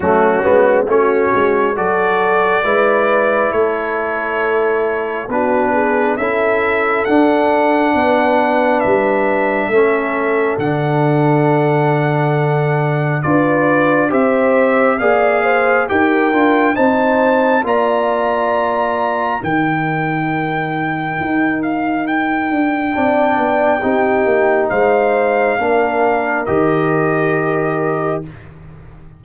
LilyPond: <<
  \new Staff \with { instrumentName = "trumpet" } { \time 4/4 \tempo 4 = 68 fis'4 cis''4 d''2 | cis''2 b'4 e''4 | fis''2 e''2 | fis''2. d''4 |
e''4 f''4 g''4 a''4 | ais''2 g''2~ | g''8 f''8 g''2. | f''2 dis''2 | }
  \new Staff \with { instrumentName = "horn" } { \time 4/4 cis'4 fis'4 a'4 b'4 | a'2 fis'8 gis'8 a'4~ | a'4 b'2 a'4~ | a'2. b'4 |
c''4 d''8 c''8 ais'4 c''4 | d''2 ais'2~ | ais'2 d''4 g'4 | c''4 ais'2. | }
  \new Staff \with { instrumentName = "trombone" } { \time 4/4 a8 b8 cis'4 fis'4 e'4~ | e'2 d'4 e'4 | d'2. cis'4 | d'2. f'4 |
g'4 gis'4 g'8 f'8 dis'4 | f'2 dis'2~ | dis'2 d'4 dis'4~ | dis'4 d'4 g'2 | }
  \new Staff \with { instrumentName = "tuba" } { \time 4/4 fis8 gis8 a8 gis8 fis4 gis4 | a2 b4 cis'4 | d'4 b4 g4 a4 | d2. d'4 |
c'4 ais4 dis'8 d'8 c'4 | ais2 dis2 | dis'4. d'8 c'8 b8 c'8 ais8 | gis4 ais4 dis2 | }
>>